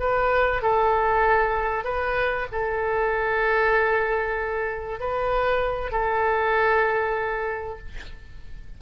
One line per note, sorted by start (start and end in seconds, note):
0.00 0.62 B4
0.62 1.84 A4
1.84 2.47 B4
2.52 5.00 A4
5.00 5.91 B4
5.91 7.79 A4